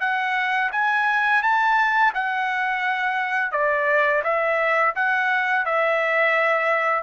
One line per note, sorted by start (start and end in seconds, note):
0.00 0.71 F#5
0.72 1.42 G#5
1.42 2.13 A5
2.14 3.52 F#5
3.52 4.22 D5
4.24 4.94 E5
4.95 5.65 F#5
5.65 7.03 E5